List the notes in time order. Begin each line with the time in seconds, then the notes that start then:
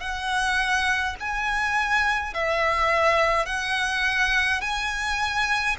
0.00 F#5
1.20 G#5
2.33 E5
3.45 F#5
4.60 G#5